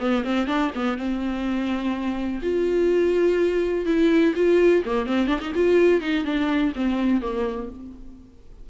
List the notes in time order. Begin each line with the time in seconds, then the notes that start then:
0.00 B3
0.25 C4
0.47 D4
0.75 B3
0.98 C4
2.43 F4
3.86 E4
4.36 F4
4.86 A#3
5.07 C4
5.28 D4
5.41 D#4
5.55 F4
6.01 D#4
6.25 D4
6.76 C4
7.22 A#3